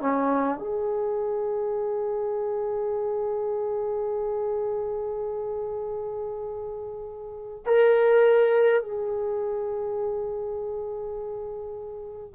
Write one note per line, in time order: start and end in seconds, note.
0.00 0.58 C#4
0.58 7.64 G#4
7.66 8.82 A#4
8.82 12.34 G#4